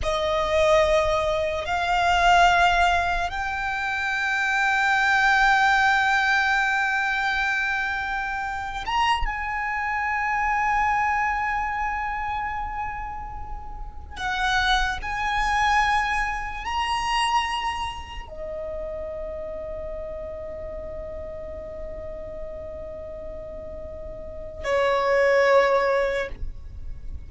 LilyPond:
\new Staff \with { instrumentName = "violin" } { \time 4/4 \tempo 4 = 73 dis''2 f''2 | g''1~ | g''2~ g''8. ais''8 gis''8.~ | gis''1~ |
gis''4~ gis''16 fis''4 gis''4.~ gis''16~ | gis''16 ais''2 dis''4.~ dis''16~ | dis''1~ | dis''2 cis''2 | }